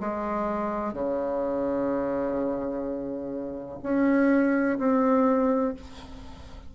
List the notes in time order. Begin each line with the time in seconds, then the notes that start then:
0.00 G#3
0.93 C#3
3.83 C#4
4.78 C4